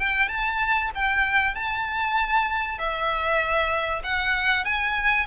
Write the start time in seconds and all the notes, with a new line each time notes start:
0.00 G5
0.29 A5
0.95 G5
1.55 A5
2.78 E5
4.04 F#5
4.65 G#5